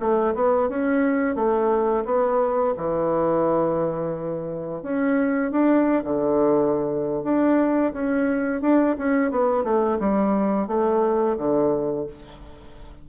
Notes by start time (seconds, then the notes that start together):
0.00 A3
0.35 B3
0.69 C#4
1.36 A3
2.05 B3
2.77 E3
4.83 C#4
5.51 D4
6.04 D3
7.24 D4
7.93 C#4
8.62 D4
8.98 C#4
9.31 B3
9.64 A3
10.00 G3
10.67 A3
11.38 D3